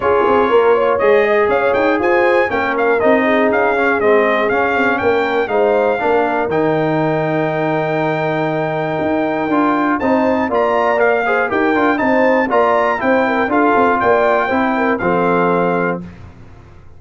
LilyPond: <<
  \new Staff \with { instrumentName = "trumpet" } { \time 4/4 \tempo 4 = 120 cis''2 dis''4 f''8 g''8 | gis''4 g''8 f''8 dis''4 f''4 | dis''4 f''4 g''4 f''4~ | f''4 g''2.~ |
g''1 | a''4 ais''4 f''4 g''4 | a''4 ais''4 g''4 f''4 | g''2 f''2 | }
  \new Staff \with { instrumentName = "horn" } { \time 4/4 gis'4 ais'8 cis''4 dis''8 cis''4 | c''4 ais'4. gis'4.~ | gis'2 ais'4 c''4 | ais'1~ |
ais'1 | c''4 d''4. c''8 ais'4 | c''4 d''4 c''8 ais'8 a'4 | d''4 c''8 ais'8 a'2 | }
  \new Staff \with { instrumentName = "trombone" } { \time 4/4 f'2 gis'2~ | gis'4 cis'4 dis'4. cis'8 | c'4 cis'2 dis'4 | d'4 dis'2.~ |
dis'2. f'4 | dis'4 f'4 ais'8 gis'8 g'8 f'8 | dis'4 f'4 e'4 f'4~ | f'4 e'4 c'2 | }
  \new Staff \with { instrumentName = "tuba" } { \time 4/4 cis'8 c'8 ais4 gis4 cis'8 dis'8 | f'4 ais4 c'4 cis'4 | gis4 cis'8 c'8 ais4 gis4 | ais4 dis2.~ |
dis2 dis'4 d'4 | c'4 ais2 dis'8 d'8 | c'4 ais4 c'4 d'8 c'8 | ais4 c'4 f2 | }
>>